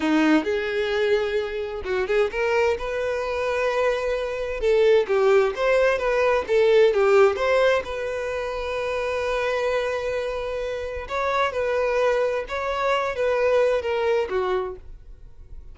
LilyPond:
\new Staff \with { instrumentName = "violin" } { \time 4/4 \tempo 4 = 130 dis'4 gis'2. | fis'8 gis'8 ais'4 b'2~ | b'2 a'4 g'4 | c''4 b'4 a'4 g'4 |
c''4 b'2.~ | b'1 | cis''4 b'2 cis''4~ | cis''8 b'4. ais'4 fis'4 | }